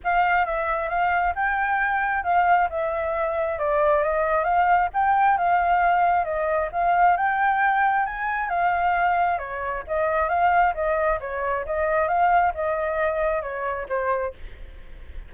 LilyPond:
\new Staff \with { instrumentName = "flute" } { \time 4/4 \tempo 4 = 134 f''4 e''4 f''4 g''4~ | g''4 f''4 e''2 | d''4 dis''4 f''4 g''4 | f''2 dis''4 f''4 |
g''2 gis''4 f''4~ | f''4 cis''4 dis''4 f''4 | dis''4 cis''4 dis''4 f''4 | dis''2 cis''4 c''4 | }